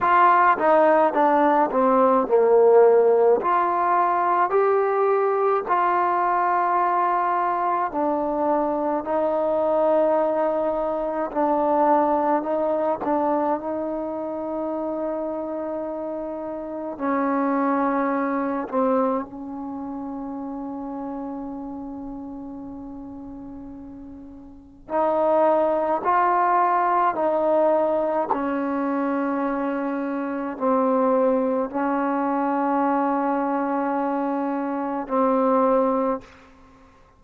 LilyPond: \new Staff \with { instrumentName = "trombone" } { \time 4/4 \tempo 4 = 53 f'8 dis'8 d'8 c'8 ais4 f'4 | g'4 f'2 d'4 | dis'2 d'4 dis'8 d'8 | dis'2. cis'4~ |
cis'8 c'8 cis'2.~ | cis'2 dis'4 f'4 | dis'4 cis'2 c'4 | cis'2. c'4 | }